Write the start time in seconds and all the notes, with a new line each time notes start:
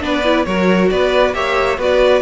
0.00 B3 D4 B4 D5
0.24 E4
0.45 F#3 F#4 A#4 C#5
0.90 B3 B4 D5
1.33 A#3 G4 C#5 E5
1.78 B3 F#4 B4 D5